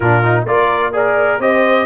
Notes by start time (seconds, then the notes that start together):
0.00 A#2 D4 F4 A#4
0.23 D#4
0.45 A#3 F4 A#4 D5
0.92 G#4 A#4 D5
1.38 C4 G4 C5 D#5